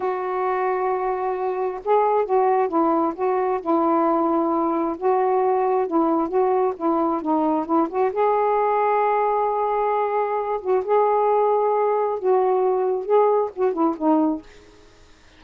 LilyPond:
\new Staff \with { instrumentName = "saxophone" } { \time 4/4 \tempo 4 = 133 fis'1 | gis'4 fis'4 e'4 fis'4 | e'2. fis'4~ | fis'4 e'4 fis'4 e'4 |
dis'4 e'8 fis'8 gis'2~ | gis'2.~ gis'8 fis'8 | gis'2. fis'4~ | fis'4 gis'4 fis'8 e'8 dis'4 | }